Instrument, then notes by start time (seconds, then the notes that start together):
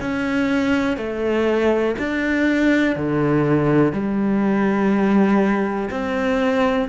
cello
0.00 C#4
0.97 A3
1.99 D4
2.96 D3
3.92 G3
5.90 C4